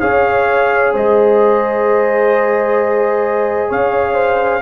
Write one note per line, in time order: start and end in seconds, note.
0.00 0.94 C#4
0.00 4.62 G#4
0.00 0.93 C#5
0.00 0.93 F5
0.93 3.71 G#3
0.93 3.69 C5
0.93 3.72 D#5
3.69 4.62 C#4
3.69 4.14 C#5
3.69 4.62 F5
4.14 4.60 C5